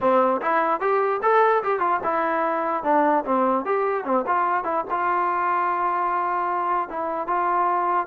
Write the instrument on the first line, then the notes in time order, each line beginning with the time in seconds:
trombone
0.00 C4
0.41 E4
0.80 G4
1.22 A4
1.63 G4
1.79 F4
2.03 E4
2.83 D4
3.24 C4
3.65 G4
4.04 C4
4.26 F4
4.64 E4
4.90 F4
6.89 E4
7.27 F4